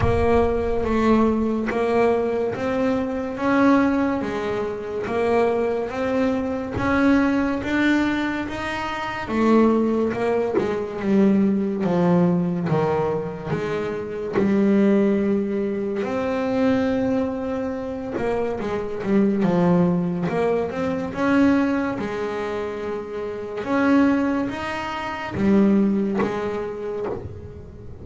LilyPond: \new Staff \with { instrumentName = "double bass" } { \time 4/4 \tempo 4 = 71 ais4 a4 ais4 c'4 | cis'4 gis4 ais4 c'4 | cis'4 d'4 dis'4 a4 | ais8 gis8 g4 f4 dis4 |
gis4 g2 c'4~ | c'4. ais8 gis8 g8 f4 | ais8 c'8 cis'4 gis2 | cis'4 dis'4 g4 gis4 | }